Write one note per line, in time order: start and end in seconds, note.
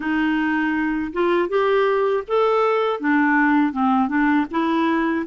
0.00 1.11 D#4
1.12 1.48 F4
1.48 2.23 G4
2.27 3.00 A4
3.00 3.72 D4
3.72 4.08 C4
4.08 4.46 D4
4.50 5.25 E4